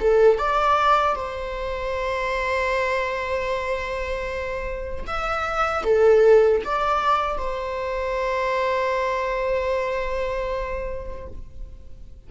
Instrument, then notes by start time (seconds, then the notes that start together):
viola
0.00 A4
0.38 D5
1.15 C5
5.07 E5
5.84 A4
6.65 D5
7.37 C5